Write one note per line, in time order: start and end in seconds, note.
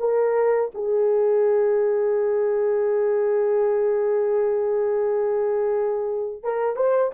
0.00 0.71 A#4
0.75 6.44 G#4
6.44 6.76 A#4
6.76 7.12 C5